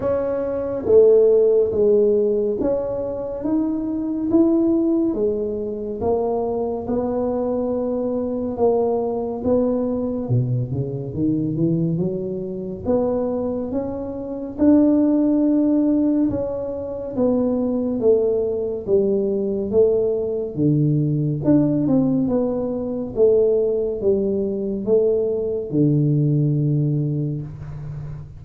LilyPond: \new Staff \with { instrumentName = "tuba" } { \time 4/4 \tempo 4 = 70 cis'4 a4 gis4 cis'4 | dis'4 e'4 gis4 ais4 | b2 ais4 b4 | b,8 cis8 dis8 e8 fis4 b4 |
cis'4 d'2 cis'4 | b4 a4 g4 a4 | d4 d'8 c'8 b4 a4 | g4 a4 d2 | }